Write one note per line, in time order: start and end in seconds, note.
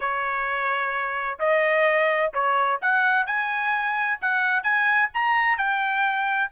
0.00 1.38 C#5
1.39 2.32 D#5
2.33 2.80 C#5
2.81 3.26 F#5
3.26 4.19 G#5
4.21 4.63 F#5
4.63 5.09 G#5
5.14 5.57 A#5
5.57 6.50 G5